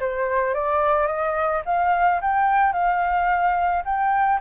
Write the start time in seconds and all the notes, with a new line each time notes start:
0.00 C5
0.55 D5
1.07 D#5
1.66 F5
2.22 G5
2.73 F5
3.85 G5